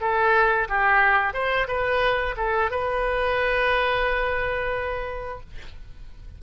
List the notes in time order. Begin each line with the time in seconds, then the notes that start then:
0.00 A4
0.68 G4
1.33 C5
1.67 B4
2.37 A4
2.70 B4